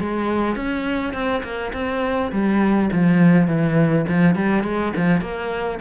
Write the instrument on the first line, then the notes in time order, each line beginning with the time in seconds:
cello
0.00 G#3
0.56 C#4
1.14 C4
1.44 A#3
1.73 C4
2.32 G3
2.92 F3
3.47 E3
4.08 F3
4.36 G3
4.64 G#3
4.96 F3
5.21 A#3